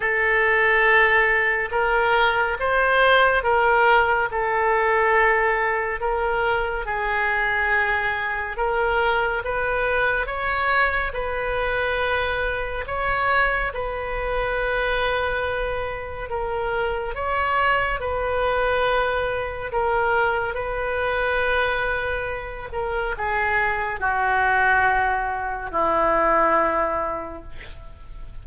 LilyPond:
\new Staff \with { instrumentName = "oboe" } { \time 4/4 \tempo 4 = 70 a'2 ais'4 c''4 | ais'4 a'2 ais'4 | gis'2 ais'4 b'4 | cis''4 b'2 cis''4 |
b'2. ais'4 | cis''4 b'2 ais'4 | b'2~ b'8 ais'8 gis'4 | fis'2 e'2 | }